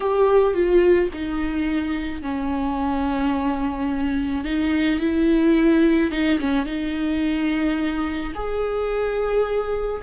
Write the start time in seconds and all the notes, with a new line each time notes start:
0.00 G4
0.54 F4
1.13 D#4
2.22 C#4
4.44 D#4
4.99 E4
6.11 D#4
6.39 C#4
6.65 D#4
8.35 G#4